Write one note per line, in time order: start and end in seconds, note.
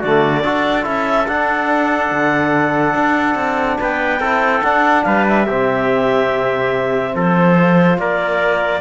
0.00 0.44 D3
0.00 0.44 A3
0.00 0.42 F#4
0.00 0.86 D5
0.44 0.86 D4
0.44 0.84 F#4
0.44 3.80 A4
0.84 1.28 C#4
0.84 1.26 E4
0.84 1.28 E5
1.28 4.22 D4
1.28 2.11 D4
1.28 3.79 F#5
2.11 2.95 D3
2.95 3.35 D4
3.35 3.77 C4
3.81 4.20 B3
3.81 4.20 B4
3.81 4.63 G5
4.20 4.62 C4
4.20 4.64 E4
4.20 5.04 A4
4.63 5.48 D4
4.63 5.06 D4
4.63 5.04 F#5
5.04 5.47 G3
5.04 5.47 B4
5.04 5.25 F5
5.29 7.18 E5
5.47 7.15 C3
5.47 7.58 C4
5.47 7.15 G4
7.16 7.98 F3
7.16 8.00 A4
7.16 8.00 C5
7.58 8.81 F4
7.98 8.81 A#3
7.98 8.81 A#4
7.98 8.81 D5